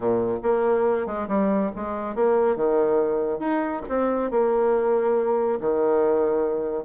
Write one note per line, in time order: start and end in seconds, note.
0.00 0.38 A#2
0.42 1.06 A#3
1.06 1.27 G#3
1.28 1.70 G3
1.75 2.15 G#3
2.15 2.55 A#3
2.55 3.39 D#3
3.39 3.81 D#4
3.88 4.31 C4
4.31 5.59 A#3
5.60 6.84 D#3